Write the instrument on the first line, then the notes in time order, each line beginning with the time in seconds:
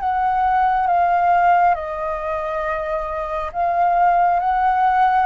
flute
0.00 F#5
0.87 F5
1.75 D#5
3.53 F5
4.40 F#5